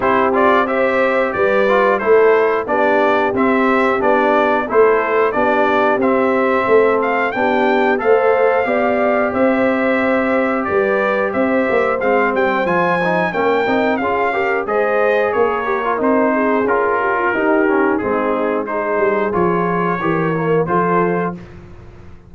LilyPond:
<<
  \new Staff \with { instrumentName = "trumpet" } { \time 4/4 \tempo 4 = 90 c''8 d''8 e''4 d''4 c''4 | d''4 e''4 d''4 c''4 | d''4 e''4. f''8 g''4 | f''2 e''2 |
d''4 e''4 f''8 g''8 gis''4 | g''4 f''4 dis''4 cis''4 | c''4 ais'2 gis'4 | c''4 cis''2 c''4 | }
  \new Staff \with { instrumentName = "horn" } { \time 4/4 g'4 c''4 b'4 a'4 | g'2. a'4 | g'2 a'4 g'4 | c''4 d''4 c''2 |
b'4 c''2. | ais'4 gis'8 ais'8 c''4 ais'4~ | ais'8 gis'4 g'16 f'16 g'4 dis'4 | gis'2 ais'4 a'4 | }
  \new Staff \with { instrumentName = "trombone" } { \time 4/4 e'8 f'8 g'4. f'8 e'4 | d'4 c'4 d'4 e'4 | d'4 c'2 d'4 | a'4 g'2.~ |
g'2 c'4 f'8 dis'8 | cis'8 dis'8 f'8 g'8 gis'4. g'16 f'16 | dis'4 f'4 dis'8 cis'8 c'4 | dis'4 f'4 g'8 ais8 f'4 | }
  \new Staff \with { instrumentName = "tuba" } { \time 4/4 c'2 g4 a4 | b4 c'4 b4 a4 | b4 c'4 a4 b4 | a4 b4 c'2 |
g4 c'8 ais8 gis8 g8 f4 | ais8 c'8 cis'4 gis4 ais4 | c'4 cis'4 dis'4 gis4~ | gis8 g8 f4 e4 f4 | }
>>